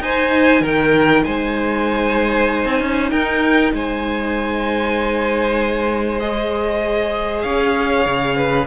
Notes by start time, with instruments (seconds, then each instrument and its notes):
0.00 cello D#4, viola D#4, violin C5 G#5
0.61 cello D#3, violin A#4 G5
1.24 cello G#3, violin C5 G#5
2.65 cello C4
2.81 cello C#4
3.11 cello D#4, violin A#4 G5
3.73 cello G#3, violin C5 G#5
6.19 viola G#4, violin D#5
7.42 cello C#4, violin C#5 F5
8.06 cello C#3
8.37 violin B4